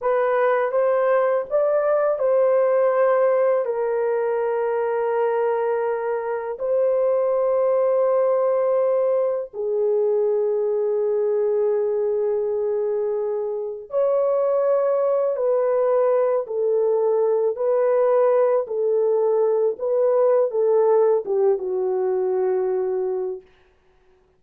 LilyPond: \new Staff \with { instrumentName = "horn" } { \time 4/4 \tempo 4 = 82 b'4 c''4 d''4 c''4~ | c''4 ais'2.~ | ais'4 c''2.~ | c''4 gis'2.~ |
gis'2. cis''4~ | cis''4 b'4. a'4. | b'4. a'4. b'4 | a'4 g'8 fis'2~ fis'8 | }